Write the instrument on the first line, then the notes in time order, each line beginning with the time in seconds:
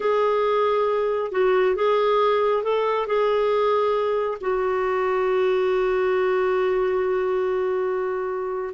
clarinet
0.00 G#4
1.31 F#4
1.75 G#4
2.63 A4
3.06 G#4
4.40 F#4